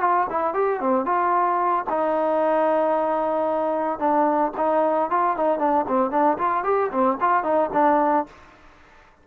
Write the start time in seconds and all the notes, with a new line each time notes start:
0.00 F4
0.29 E4
0.53 G4
0.80 C4
1.05 F4
1.89 D#4
3.98 D4
4.57 D#4
5.10 F4
5.36 D#4
5.58 D4
5.87 C4
6.10 D4
6.37 F4
6.63 G4
6.91 C4
7.20 F4
7.43 D#4
7.73 D4